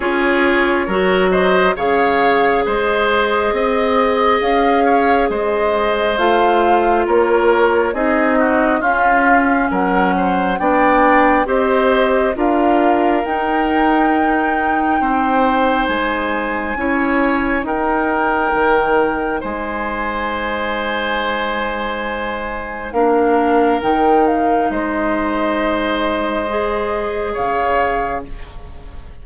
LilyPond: <<
  \new Staff \with { instrumentName = "flute" } { \time 4/4 \tempo 4 = 68 cis''4. dis''8 f''4 dis''4~ | dis''4 f''4 dis''4 f''4 | cis''4 dis''4 f''4 fis''4 | g''4 dis''4 f''4 g''4~ |
g''2 gis''2 | g''2 gis''2~ | gis''2 f''4 g''8 f''8 | dis''2. f''4 | }
  \new Staff \with { instrumentName = "oboe" } { \time 4/4 gis'4 ais'8 c''8 cis''4 c''4 | dis''4. cis''8 c''2 | ais'4 gis'8 fis'8 f'4 ais'8 c''8 | d''4 c''4 ais'2~ |
ais'4 c''2 cis''4 | ais'2 c''2~ | c''2 ais'2 | c''2. cis''4 | }
  \new Staff \with { instrumentName = "clarinet" } { \time 4/4 f'4 fis'4 gis'2~ | gis'2. f'4~ | f'4 dis'4 cis'2 | d'4 g'4 f'4 dis'4~ |
dis'2. e'4 | dis'1~ | dis'2 d'4 dis'4~ | dis'2 gis'2 | }
  \new Staff \with { instrumentName = "bassoon" } { \time 4/4 cis'4 fis4 cis4 gis4 | c'4 cis'4 gis4 a4 | ais4 c'4 cis'4 fis4 | b4 c'4 d'4 dis'4~ |
dis'4 c'4 gis4 cis'4 | dis'4 dis4 gis2~ | gis2 ais4 dis4 | gis2. cis4 | }
>>